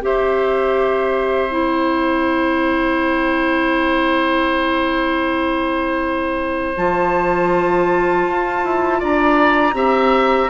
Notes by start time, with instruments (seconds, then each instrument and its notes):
0.00 bassoon C4, clarinet G4, oboe C5, flute E5
1.50 clarinet E4, flute G5
6.76 bassoon F3, clarinet F4, flute A5
8.27 bassoon F4
8.64 bassoon E4
8.99 bassoon D4, oboe D5, flute A#5
9.73 bassoon C4, clarinet G4, oboe E5